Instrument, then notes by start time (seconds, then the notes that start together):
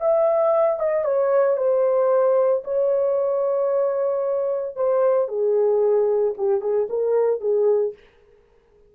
horn
0.00 E5
0.79 D#5
1.05 C#5
1.57 C5
2.64 C#5
4.76 C5
5.28 G#4
6.38 G4
6.61 G#4
6.89 A#4
7.40 G#4